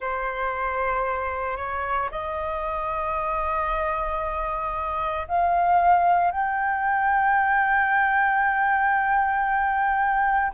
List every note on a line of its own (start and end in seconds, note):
0.00 1.56 C5
1.56 2.09 C#5
2.11 5.27 D#5
5.27 6.31 F5
6.31 10.52 G5